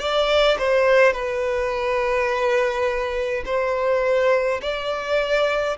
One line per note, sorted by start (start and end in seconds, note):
0.00 0.58 D5
0.59 1.13 C5
1.13 3.44 B4
3.46 4.61 C5
4.62 5.77 D5